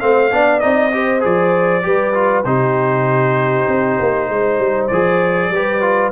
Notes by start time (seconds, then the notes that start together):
0.00 A3 C4 C5 F5
0.31 B3 D4 D5
0.60 C4 D#4 D#5
0.92 G4 C5
1.20 F3 G#4 D5
1.83 G3 G4 B4
2.14 F4
2.44 C3 D#4 G4 C5
3.68 C4
3.99 A#3
4.29 G#3 C5
4.59 G3
4.87 F3 G#4 D5
5.50 G3 G4 B4
5.82 F4